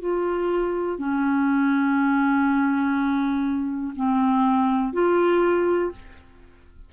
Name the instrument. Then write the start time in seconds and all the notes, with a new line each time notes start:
clarinet
0.00 F4
0.98 C#4
3.96 C4
4.93 F4